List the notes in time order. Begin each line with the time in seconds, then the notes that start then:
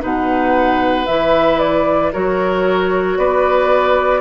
0.00 B2 D#4 B4 F#5
1.06 E3 E4 E5
1.59 D5
2.12 F#3 F#4 A#4 C#5
3.17 B3 B4 D5